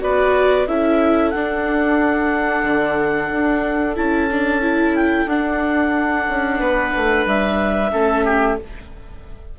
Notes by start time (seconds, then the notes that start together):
0.00 B3 F#4 B4 D5
0.68 C#4 E4 A4 E5
1.31 D4 F#5
2.64 D3
3.32 D4
3.97 C#4 E4 A5
4.32 D4
4.62 E4
4.96 G5
5.26 D4 F#5
6.29 C#4
6.60 B3 B4
6.97 A3
7.26 G3 E5
7.92 A3 C#4 A4
8.25 G4